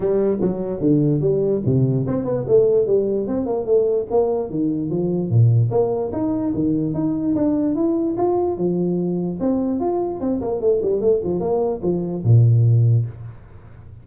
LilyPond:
\new Staff \with { instrumentName = "tuba" } { \time 4/4 \tempo 4 = 147 g4 fis4 d4 g4 | c4 c'8 b8 a4 g4 | c'8 ais8 a4 ais4 dis4 | f4 ais,4 ais4 dis'4 |
dis4 dis'4 d'4 e'4 | f'4 f2 c'4 | f'4 c'8 ais8 a8 g8 a8 f8 | ais4 f4 ais,2 | }